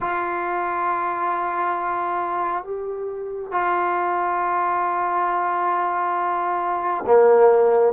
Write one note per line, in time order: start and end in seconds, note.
0.00 2.64 F4
2.64 3.51 G4
3.51 7.04 F4
7.06 7.93 A#3